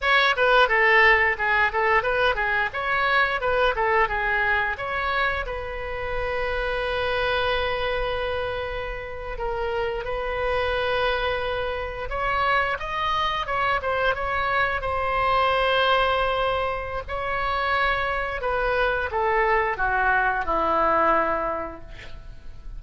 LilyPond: \new Staff \with { instrumentName = "oboe" } { \time 4/4 \tempo 4 = 88 cis''8 b'8 a'4 gis'8 a'8 b'8 gis'8 | cis''4 b'8 a'8 gis'4 cis''4 | b'1~ | b'4.~ b'16 ais'4 b'4~ b'16~ |
b'4.~ b'16 cis''4 dis''4 cis''16~ | cis''16 c''8 cis''4 c''2~ c''16~ | c''4 cis''2 b'4 | a'4 fis'4 e'2 | }